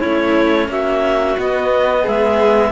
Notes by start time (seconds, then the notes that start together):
0.00 A3 C#4 E4 C#5
0.68 A#3 F#4 E5
1.37 B3 D#5
2.02 G#3 G#4 E5